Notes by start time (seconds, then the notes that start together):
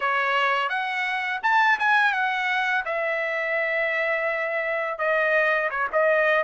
0.00 C#5
0.69 F#5
1.43 A5
1.79 G#5
2.12 F#5
2.85 E5
4.98 D#5
5.70 C#5
5.92 D#5